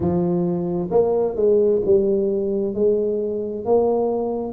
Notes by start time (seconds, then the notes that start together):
0.00 F3
0.90 A#3
1.36 G#3
1.85 G3
2.74 G#3
3.65 A#3